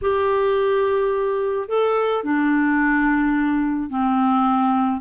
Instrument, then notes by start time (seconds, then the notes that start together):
clarinet
0.01 G4
1.68 A4
2.23 D4
3.89 C4